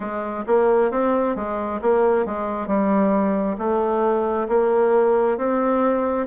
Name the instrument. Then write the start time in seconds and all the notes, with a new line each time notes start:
bassoon
0.00 G#3
0.46 A#3
0.91 C4
1.35 G#3
1.81 A#3
2.26 G#3
2.67 G3
3.58 A3
4.48 A#3
5.37 C4